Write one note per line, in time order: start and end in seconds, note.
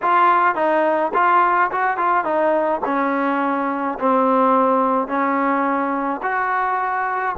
0.02 0.55 F4
0.55 1.11 D#4
1.14 1.70 F4
1.71 1.97 F#4
1.97 2.24 F4
2.24 2.80 D#4
2.85 3.98 C#4
3.99 5.07 C4
5.07 6.20 C#4
6.22 7.35 F#4